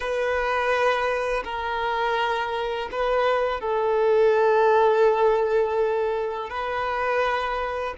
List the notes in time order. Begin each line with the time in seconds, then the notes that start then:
0.00 B4
1.44 A#4
2.91 B4
3.60 A4
6.49 B4